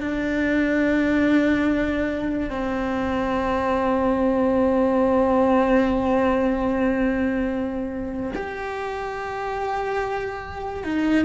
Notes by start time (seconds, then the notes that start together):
0.00 D4
2.50 C4
8.35 G4
10.84 D#4